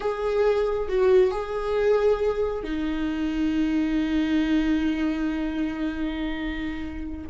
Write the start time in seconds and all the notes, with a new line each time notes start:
0.00 G#4
0.88 F#4
1.31 G#4
2.63 D#4